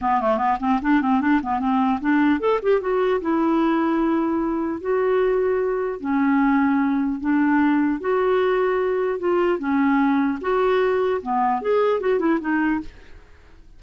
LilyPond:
\new Staff \with { instrumentName = "clarinet" } { \time 4/4 \tempo 4 = 150 b8 a8 b8 c'8 d'8 c'8 d'8 b8 | c'4 d'4 a'8 g'8 fis'4 | e'1 | fis'2. cis'4~ |
cis'2 d'2 | fis'2. f'4 | cis'2 fis'2 | b4 gis'4 fis'8 e'8 dis'4 | }